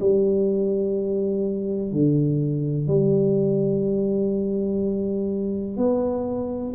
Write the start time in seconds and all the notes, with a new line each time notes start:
0.00 G3
1.92 D3
2.87 G3
5.77 B3